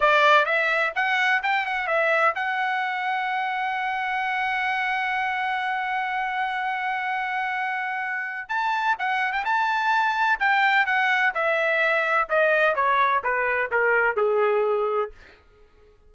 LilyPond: \new Staff \with { instrumentName = "trumpet" } { \time 4/4 \tempo 4 = 127 d''4 e''4 fis''4 g''8 fis''8 | e''4 fis''2.~ | fis''1~ | fis''1~ |
fis''2 a''4 fis''8. g''16 | a''2 g''4 fis''4 | e''2 dis''4 cis''4 | b'4 ais'4 gis'2 | }